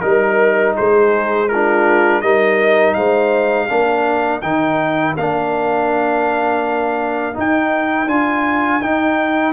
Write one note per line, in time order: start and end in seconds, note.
0.00 0.77 G3
0.00 1.48 D#4
0.00 0.73 A#4
0.00 0.74 A#4
0.76 2.22 G#3
0.76 1.49 G#4
0.76 1.49 C5
1.49 2.23 D4
1.49 2.23 F4
1.49 2.21 A#4
2.21 2.95 G3
2.21 3.69 D#4
2.21 2.96 A#4
2.21 2.94 D#5
2.94 3.69 G#3
2.94 3.68 C5
2.94 4.40 F5
3.68 4.43 A#3
3.68 4.42 D4
3.68 9.53 A#4
4.41 5.16 D#3
4.41 5.16 D#4
4.41 5.15 G5
5.17 7.36 A#3
5.17 7.34 D4
5.17 7.36 F5
7.34 8.07 D#4
7.34 8.06 D#4
7.34 8.08 G5
8.06 8.80 D4
8.06 8.81 F4
8.06 8.82 G#5
8.80 9.53 D#4
8.80 9.53 G5